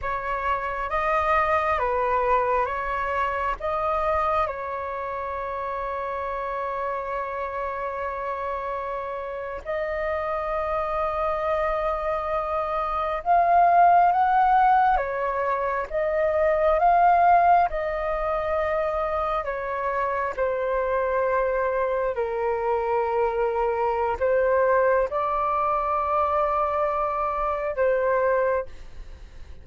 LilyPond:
\new Staff \with { instrumentName = "flute" } { \time 4/4 \tempo 4 = 67 cis''4 dis''4 b'4 cis''4 | dis''4 cis''2.~ | cis''2~ cis''8. dis''4~ dis''16~ | dis''2~ dis''8. f''4 fis''16~ |
fis''8. cis''4 dis''4 f''4 dis''16~ | dis''4.~ dis''16 cis''4 c''4~ c''16~ | c''8. ais'2~ ais'16 c''4 | d''2. c''4 | }